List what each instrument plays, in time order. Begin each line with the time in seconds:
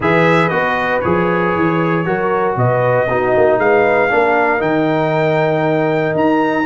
0.00 tuba E3, trombone G#4, horn B4, trumpet E5
0.48 tuba B3, trombone F#4, trumpet D#5
1.00 tuba F3, trombone G#4, trumpet C#5
1.55 tuba E3
2.05 tuba F#3, trombone F#4, horn A#4
2.56 tuba B2, horn B4, trumpet D#5
3.08 tuba B3, trombone D#4, horn F#4
3.36 tuba A#3
3.58 tuba G#3, horn B4, trumpet F5
4.10 tuba A#3, trombone D4, horn A#4
4.59 tuba D#3, trombone D#4, trumpet G5
6.14 tuba D#4, trumpet A#5